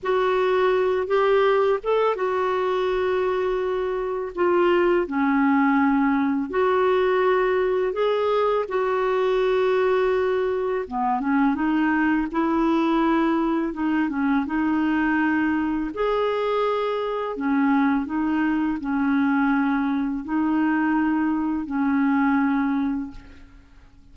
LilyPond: \new Staff \with { instrumentName = "clarinet" } { \time 4/4 \tempo 4 = 83 fis'4. g'4 a'8 fis'4~ | fis'2 f'4 cis'4~ | cis'4 fis'2 gis'4 | fis'2. b8 cis'8 |
dis'4 e'2 dis'8 cis'8 | dis'2 gis'2 | cis'4 dis'4 cis'2 | dis'2 cis'2 | }